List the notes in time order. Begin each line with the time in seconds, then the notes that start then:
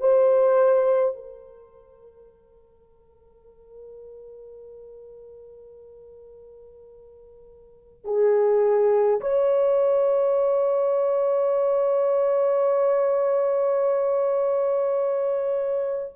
0.00 C5
1.15 A#4
8.04 G#4
9.20 C#5